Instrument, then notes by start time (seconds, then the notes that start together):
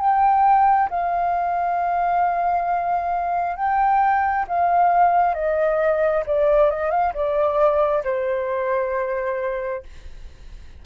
flute
0.00 G5
0.90 F5
3.56 G5
4.48 F5
5.34 D#5
6.26 D5
6.70 D#5
6.90 F5
7.14 D5
8.04 C5